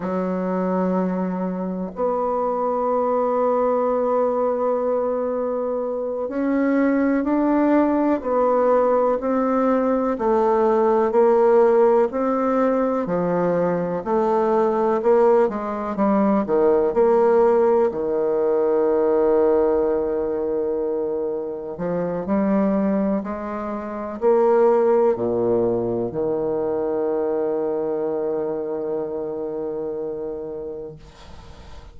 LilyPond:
\new Staff \with { instrumentName = "bassoon" } { \time 4/4 \tempo 4 = 62 fis2 b2~ | b2~ b8 cis'4 d'8~ | d'8 b4 c'4 a4 ais8~ | ais8 c'4 f4 a4 ais8 |
gis8 g8 dis8 ais4 dis4.~ | dis2~ dis8 f8 g4 | gis4 ais4 ais,4 dis4~ | dis1 | }